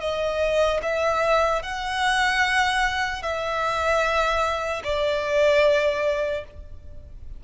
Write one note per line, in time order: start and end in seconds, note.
0.00 0.80 D#5
0.82 1.62 E5
1.62 3.22 F#5
3.22 4.82 E5
4.84 6.44 D5